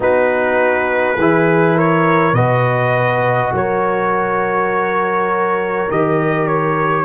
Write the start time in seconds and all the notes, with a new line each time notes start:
0.00 B3 D#4 F#4 B4
1.16 E3 E4 G#4
1.75 A#4 C#5
2.32 B2 F#4 B4 D#5
3.51 F#3 A#4 C#5
5.88 D#3 G4 D#5
6.47 C#5